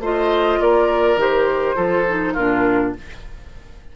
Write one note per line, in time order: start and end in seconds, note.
0.00 0.58 A3
0.00 1.18 F4
0.00 0.59 C5
0.00 0.61 D#5
0.60 1.16 A#3
0.60 1.76 A#4
0.60 1.19 D5
1.16 1.75 D#3
1.16 1.76 G4
1.16 2.34 C5
1.76 2.35 F3
1.76 2.05 F4
1.76 2.33 A4
2.09 2.37 D#4
2.33 2.95 A#2
2.33 2.96 D4
2.33 2.92 F4
2.33 2.93 A#4